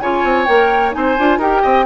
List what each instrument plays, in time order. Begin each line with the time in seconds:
0.00 bassoon C#3, clarinet F4, oboe C#5, flute G#5
0.24 bassoon C4
0.46 bassoon A#3, clarinet A#4, flute G5
0.92 bassoon C4, clarinet D#4, oboe C5, flute G#5
1.19 bassoon D4, clarinet F4
1.38 bassoon D#4, clarinet G4, oboe A#4, flute G5
1.62 bassoon C4, oboe D#5